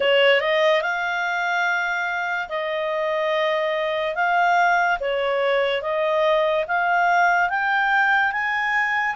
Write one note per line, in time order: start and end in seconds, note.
0.00 0.40 C#5
0.40 0.81 D#5
0.81 2.48 F5
2.48 4.15 D#5
4.15 4.98 F5
5.00 5.81 C#5
5.81 6.65 D#5
6.67 7.49 F5
7.49 8.32 G5
8.32 9.15 G#5